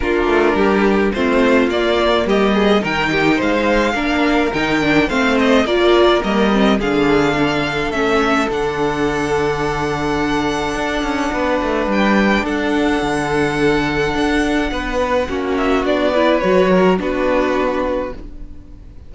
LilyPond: <<
  \new Staff \with { instrumentName = "violin" } { \time 4/4 \tempo 4 = 106 ais'2 c''4 d''4 | dis''4 g''4 f''2 | g''4 f''8 dis''8 d''4 dis''4 | f''2 e''4 fis''4~ |
fis''1~ | fis''4 g''4 fis''2~ | fis''2.~ fis''8 e''8 | d''4 cis''4 b'2 | }
  \new Staff \with { instrumentName = "violin" } { \time 4/4 f'4 g'4 f'2 | g'8 gis'8 ais'8 g'8 c''4 ais'4~ | ais'4 c''4 ais'2 | gis'4 a'2.~ |
a'1 | b'2 a'2~ | a'2 b'4 fis'4~ | fis'8 b'4 ais'8 fis'2 | }
  \new Staff \with { instrumentName = "viola" } { \time 4/4 d'2 c'4 ais4~ | ais4 dis'2 d'4 | dis'8 d'8 c'4 f'4 ais8 c'8 | d'2 cis'4 d'4~ |
d'1~ | d'1~ | d'2. cis'4 | d'8 e'8 fis'4 d'2 | }
  \new Staff \with { instrumentName = "cello" } { \time 4/4 ais8 a8 g4 a4 ais4 | g4 dis4 gis4 ais4 | dis4 a4 ais4 g4 | d2 a4 d4~ |
d2. d'8 cis'8 | b8 a8 g4 d'4 d4~ | d4 d'4 b4 ais4 | b4 fis4 b2 | }
>>